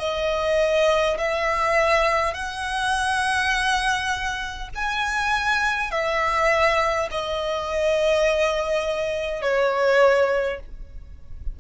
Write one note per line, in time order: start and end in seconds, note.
0.00 1.18 D#5
1.18 2.34 E5
2.34 4.69 F#5
4.75 5.91 G#5
5.91 7.09 E5
7.11 9.42 D#5
9.42 10.60 C#5